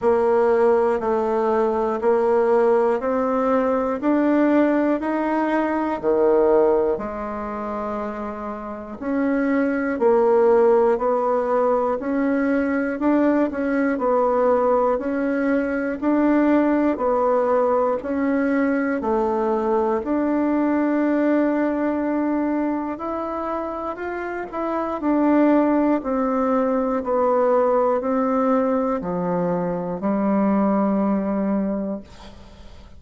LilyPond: \new Staff \with { instrumentName = "bassoon" } { \time 4/4 \tempo 4 = 60 ais4 a4 ais4 c'4 | d'4 dis'4 dis4 gis4~ | gis4 cis'4 ais4 b4 | cis'4 d'8 cis'8 b4 cis'4 |
d'4 b4 cis'4 a4 | d'2. e'4 | f'8 e'8 d'4 c'4 b4 | c'4 f4 g2 | }